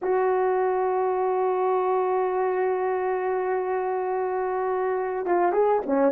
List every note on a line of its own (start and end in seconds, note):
0.02 5.26 F#4
5.26 5.52 F4
5.52 5.81 G#4
5.85 6.12 C#4